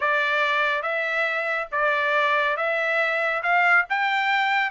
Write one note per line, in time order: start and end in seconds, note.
0.00 0.82 D5
0.82 1.68 E5
1.71 2.56 D5
2.56 3.42 E5
3.42 3.85 F5
3.89 4.70 G5